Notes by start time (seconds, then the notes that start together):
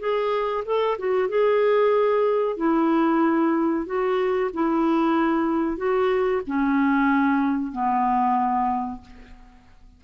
0.00 G#4
0.65 A4
0.99 F#4
1.29 G#4
2.57 E4
3.86 F#4
4.54 E4
5.77 F#4
6.47 C#4
7.72 B3